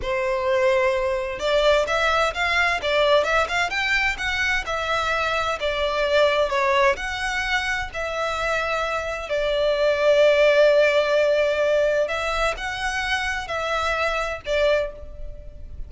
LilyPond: \new Staff \with { instrumentName = "violin" } { \time 4/4 \tempo 4 = 129 c''2. d''4 | e''4 f''4 d''4 e''8 f''8 | g''4 fis''4 e''2 | d''2 cis''4 fis''4~ |
fis''4 e''2. | d''1~ | d''2 e''4 fis''4~ | fis''4 e''2 d''4 | }